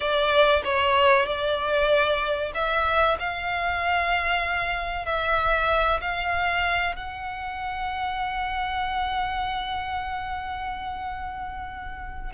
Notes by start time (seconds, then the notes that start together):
0.00 D5
0.64 C#5
1.25 D5
2.54 E5
3.19 F5
5.05 E5
6.01 F5
6.95 F#5